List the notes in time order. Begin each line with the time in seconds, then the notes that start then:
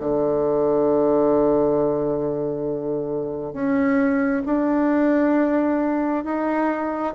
0.00 D3
3.53 C#4
4.45 D4
6.24 D#4